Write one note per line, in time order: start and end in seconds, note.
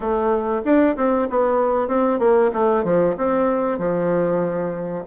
0.00 0.61 A3
0.64 0.96 D4
0.96 1.27 C4
1.29 1.88 B3
1.88 2.19 C4
2.19 2.50 A#3
2.53 2.84 A3
2.84 3.15 F3
3.17 3.78 C4
3.78 5.04 F3